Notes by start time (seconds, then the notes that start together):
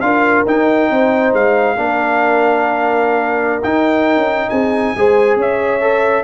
0.00 D4 F4 A#4 F5
0.46 D#4 G5
0.91 C4 C5
1.33 G#3 F5
1.76 A#3 D4 A#4
3.63 D#4 G5
4.16 C#4
4.49 C4 G#4 G#5
4.96 G#3 G#4 C5
5.36 C#4 C#5 E5
5.80 A4